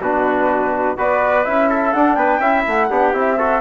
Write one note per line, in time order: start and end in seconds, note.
0.00 0.97 B2
0.00 0.97 D4
0.00 0.98 F#4
0.00 0.97 B4
0.97 1.46 B3
0.97 1.45 F#4
0.97 1.69 B4
0.97 1.45 D5
1.45 1.94 C#4
1.45 1.94 E4
1.45 1.93 E5
1.69 2.18 A4
1.93 2.16 D4
1.93 2.42 D4
1.93 2.15 F#5
2.15 2.39 B3
2.15 2.40 B4
2.15 2.63 G5
2.39 2.63 C#4
2.39 2.90 E4
2.39 2.88 E5
2.67 2.90 A3
2.67 3.17 F#5
2.90 3.14 B3
2.90 3.13 D4
2.90 3.38 G4
3.13 3.61 C4
3.13 3.38 E4
3.13 3.61 E5
3.38 3.61 F#4
3.38 3.61 A4